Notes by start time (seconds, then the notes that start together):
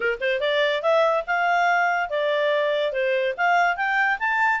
0.00 A#4
0.20 C5
0.40 D5
0.82 E5
1.26 F5
2.09 D5
2.92 C5
3.37 F5
3.76 G5
4.19 A5